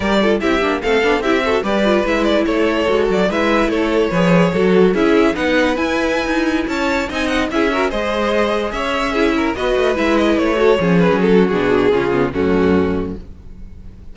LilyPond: <<
  \new Staff \with { instrumentName = "violin" } { \time 4/4 \tempo 4 = 146 d''4 e''4 f''4 e''4 | d''4 e''8 d''8 cis''4. d''8 | e''4 cis''2. | e''4 fis''4 gis''2~ |
gis''16 a''4 gis''8 fis''8 e''4 dis''8.~ | dis''4~ dis''16 e''2 dis''8.~ | dis''16 e''8 dis''8 cis''4. b'8 a'8. | gis'2 fis'2 | }
  \new Staff \with { instrumentName = "violin" } { \time 4/4 ais'8 a'8 g'4 a'4 g'8 a'8 | b'2 a'2 | b'4 a'4 b'4 a'4 | gis'4 b'2.~ |
b'16 cis''4 dis''4 gis'8 ais'8 c''8.~ | c''4~ c''16 cis''4 gis'8 ais'8 b'8.~ | b'4.~ b'16 a'8 gis'4~ gis'16 fis'8~ | fis'4 f'4 cis'2 | }
  \new Staff \with { instrumentName = "viola" } { \time 4/4 g'8 f'8 e'8 d'8 c'8 d'8 e'8 fis'8 | g'8 f'8 e'2 fis'4 | e'2 gis'4 fis'4 | e'4 dis'4 e'2~ |
e'4~ e'16 dis'4 e'8 fis'8 gis'8.~ | gis'2~ gis'16 e'4 fis'8.~ | fis'16 e'4. fis'8 cis'4.~ cis'16 | d'4 cis'8 b8 a2 | }
  \new Staff \with { instrumentName = "cello" } { \time 4/4 g4 c'8 ais8 a8 b8 c'4 | g4 gis4 a4 gis8 fis8 | gis4 a4 f4 fis4 | cis'4 b4 e'4~ e'16 dis'8.~ |
dis'16 cis'4 c'4 cis'4 gis8.~ | gis4~ gis16 cis'2 b8 a16~ | a16 gis4 a4 f8. fis4 | b,4 cis4 fis,2 | }
>>